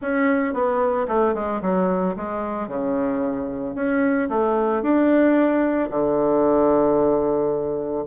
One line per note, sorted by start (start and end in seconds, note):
0.01 0.53 C#4
0.53 1.07 B3
1.08 1.34 A3
1.34 1.61 G#3
1.61 2.15 F#3
2.16 2.68 G#3
2.68 3.75 C#3
3.75 4.28 C#4
4.29 4.82 A3
4.82 5.89 D4
5.90 8.04 D3